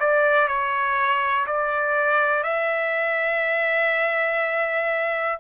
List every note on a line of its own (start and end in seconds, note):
0.00 0.48 D5
0.48 1.46 C#5
1.47 2.44 D5
2.44 5.39 E5